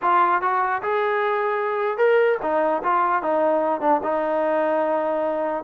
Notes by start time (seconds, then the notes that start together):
0.02 F4
0.41 F#4
0.82 G#4
1.97 A#4
2.42 D#4
2.83 F4
3.22 D#4
3.80 D4
4.03 D#4